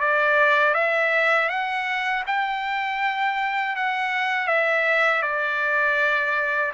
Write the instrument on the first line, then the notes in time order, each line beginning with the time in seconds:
trumpet
0.00 D5
0.74 E5
1.49 F#5
2.27 G5
3.76 F#5
4.48 E5
5.22 D5